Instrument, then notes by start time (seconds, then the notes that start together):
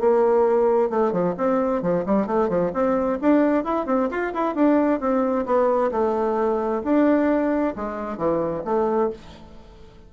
bassoon
0.00 A#3
0.90 A3
1.12 F3
1.38 C4
1.82 F3
2.06 G3
2.27 A3
2.49 F3
2.74 C4
3.22 D4
3.64 E4
3.87 C4
4.11 F4
4.34 E4
4.55 D4
5.00 C4
5.46 B3
5.92 A3
6.84 D4
7.76 G#3
8.18 E3
8.65 A3